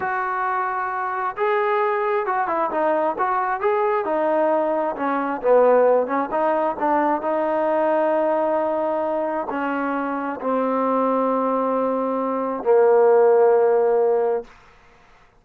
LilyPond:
\new Staff \with { instrumentName = "trombone" } { \time 4/4 \tempo 4 = 133 fis'2. gis'4~ | gis'4 fis'8 e'8 dis'4 fis'4 | gis'4 dis'2 cis'4 | b4. cis'8 dis'4 d'4 |
dis'1~ | dis'4 cis'2 c'4~ | c'1 | ais1 | }